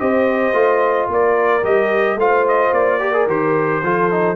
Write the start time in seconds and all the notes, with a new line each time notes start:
0.00 C4 G4 C5 D#5
0.53 A3 F4
1.08 A#3 A#4 D5
1.63 G3 G4 D#5
2.16 A3 F4 C5 F5
2.48 D#5
2.73 A#3 D5
3.00 G4 A#4
3.14 G#4
3.27 D#3 G4 C5
3.83 F3 F4 A4
4.12 D#4